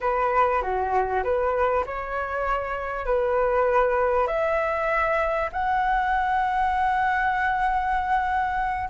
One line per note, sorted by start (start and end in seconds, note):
0.00 0.62 B4
0.62 1.23 F#4
1.23 1.85 B4
1.86 3.05 C#5
3.05 4.27 B4
4.27 5.49 E5
5.52 8.89 F#5